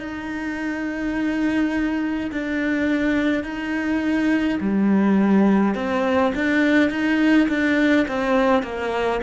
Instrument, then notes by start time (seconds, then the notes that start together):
cello
0.00 D#4
2.31 D4
3.44 D#4
4.60 G3
5.75 C4
6.35 D4
6.90 D#4
7.48 D4
8.08 C4
8.63 A#3